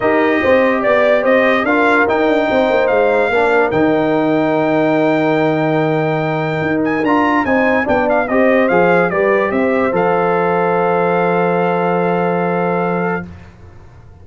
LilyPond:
<<
  \new Staff \with { instrumentName = "trumpet" } { \time 4/4 \tempo 4 = 145 dis''2 d''4 dis''4 | f''4 g''2 f''4~ | f''4 g''2.~ | g''1~ |
g''8 gis''8 ais''4 gis''4 g''8 f''8 | dis''4 f''4 d''4 e''4 | f''1~ | f''1 | }
  \new Staff \with { instrumentName = "horn" } { \time 4/4 ais'4 c''4 d''4 c''4 | ais'2 c''2 | ais'1~ | ais'1~ |
ais'2 c''4 d''4 | c''2 b'4 c''4~ | c''1~ | c''1 | }
  \new Staff \with { instrumentName = "trombone" } { \time 4/4 g'1 | f'4 dis'2. | d'4 dis'2.~ | dis'1~ |
dis'4 f'4 dis'4 d'4 | g'4 gis'4 g'2 | a'1~ | a'1 | }
  \new Staff \with { instrumentName = "tuba" } { \time 4/4 dis'4 c'4 b4 c'4 | d'4 dis'8 d'8 c'8 ais8 gis4 | ais4 dis2.~ | dis1 |
dis'4 d'4 c'4 b4 | c'4 f4 g4 c'4 | f1~ | f1 | }
>>